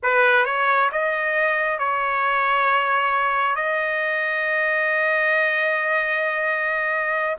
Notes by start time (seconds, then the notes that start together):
0.02 B4
0.45 C#5
0.92 D#5
1.78 C#5
3.55 D#5